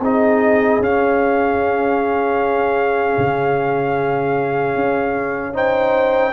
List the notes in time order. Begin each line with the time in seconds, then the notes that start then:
0.00 C4 D#4 G#4 D#5
0.80 C#4 F5
3.18 C#3
4.76 C#4
5.54 D#4 C5 G5